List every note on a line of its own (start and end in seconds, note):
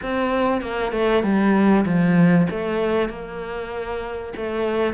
0.02 0.61 C4
0.61 0.92 A#3
0.92 1.23 A3
1.23 1.84 G3
1.85 2.47 F3
2.50 3.09 A3
3.09 4.33 A#3
4.36 4.93 A3